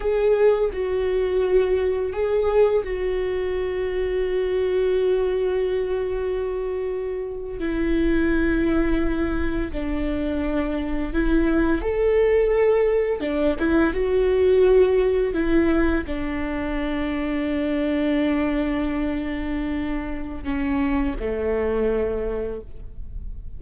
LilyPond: \new Staff \with { instrumentName = "viola" } { \time 4/4 \tempo 4 = 85 gis'4 fis'2 gis'4 | fis'1~ | fis'2~ fis'8. e'4~ e'16~ | e'4.~ e'16 d'2 e'16~ |
e'8. a'2 d'8 e'8 fis'16~ | fis'4.~ fis'16 e'4 d'4~ d'16~ | d'1~ | d'4 cis'4 a2 | }